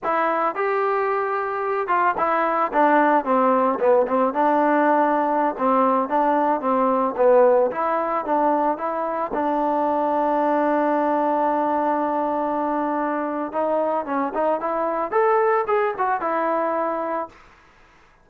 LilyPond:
\new Staff \with { instrumentName = "trombone" } { \time 4/4 \tempo 4 = 111 e'4 g'2~ g'8 f'8 | e'4 d'4 c'4 b8 c'8 | d'2~ d'16 c'4 d'8.~ | d'16 c'4 b4 e'4 d'8.~ |
d'16 e'4 d'2~ d'8.~ | d'1~ | d'4 dis'4 cis'8 dis'8 e'4 | a'4 gis'8 fis'8 e'2 | }